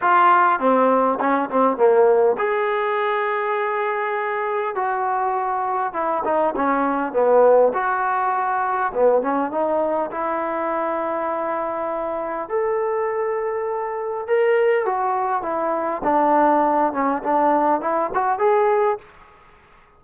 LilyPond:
\new Staff \with { instrumentName = "trombone" } { \time 4/4 \tempo 4 = 101 f'4 c'4 cis'8 c'8 ais4 | gis'1 | fis'2 e'8 dis'8 cis'4 | b4 fis'2 b8 cis'8 |
dis'4 e'2.~ | e'4 a'2. | ais'4 fis'4 e'4 d'4~ | d'8 cis'8 d'4 e'8 fis'8 gis'4 | }